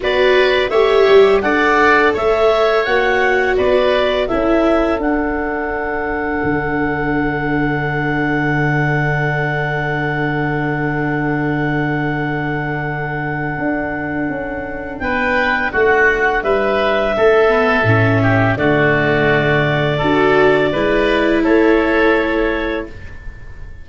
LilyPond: <<
  \new Staff \with { instrumentName = "clarinet" } { \time 4/4 \tempo 4 = 84 d''4 e''4 fis''4 e''4 | fis''4 d''4 e''4 fis''4~ | fis''1~ | fis''1~ |
fis''1~ | fis''4 g''4 fis''4 e''4~ | e''2 d''2~ | d''2 cis''2 | }
  \new Staff \with { instrumentName = "oboe" } { \time 4/4 b'4 cis''4 d''4 cis''4~ | cis''4 b'4 a'2~ | a'1~ | a'1~ |
a'1~ | a'4 b'4 fis'4 b'4 | a'4. g'8 fis'2 | a'4 b'4 a'2 | }
  \new Staff \with { instrumentName = "viola" } { \time 4/4 fis'4 g'4 a'2 | fis'2 e'4 d'4~ | d'1~ | d'1~ |
d'1~ | d'1~ | d'8 b8 cis'4 a2 | fis'4 e'2. | }
  \new Staff \with { instrumentName = "tuba" } { \time 4/4 b4 a8 g8 d'4 a4 | ais4 b4 cis'4 d'4~ | d'4 d2.~ | d1~ |
d2. d'4 | cis'4 b4 a4 g4 | a4 a,4 d2 | d'4 gis4 a2 | }
>>